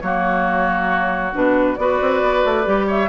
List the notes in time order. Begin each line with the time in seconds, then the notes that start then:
0.00 F#3 A#3 F#4 C#5
1.32 B2 D4 B4
1.76 B3 F#4 B4 D5
2.01 C4
2.21 B3
2.44 A3
2.64 G3 G4
2.87 C#5 E5